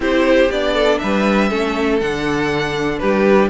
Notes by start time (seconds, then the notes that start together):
0.00 C4 E4 G4 C5
0.50 B3 D4 D5
0.74 A4
0.98 G3 B4 E5
1.49 A3 C#4 A4
2.00 D3 D4 F#5
2.99 G3 G4 B4